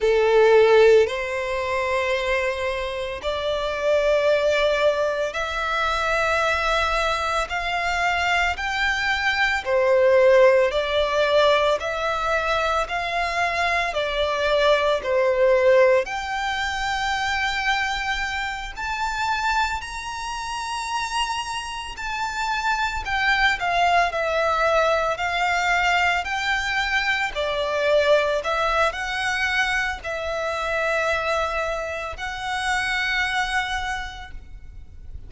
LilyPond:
\new Staff \with { instrumentName = "violin" } { \time 4/4 \tempo 4 = 56 a'4 c''2 d''4~ | d''4 e''2 f''4 | g''4 c''4 d''4 e''4 | f''4 d''4 c''4 g''4~ |
g''4. a''4 ais''4.~ | ais''8 a''4 g''8 f''8 e''4 f''8~ | f''8 g''4 d''4 e''8 fis''4 | e''2 fis''2 | }